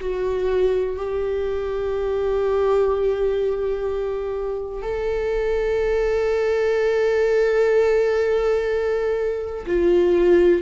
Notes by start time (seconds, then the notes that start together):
0.00 F#4
0.96 G4
4.82 A4
9.66 F4